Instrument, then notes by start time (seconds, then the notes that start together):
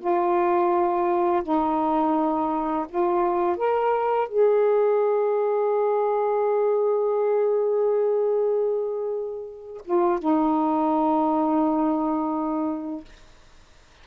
saxophone
0.00 F4
1.43 D#4
2.89 F4
3.57 A#4
4.28 G#4
9.84 F4
10.19 D#4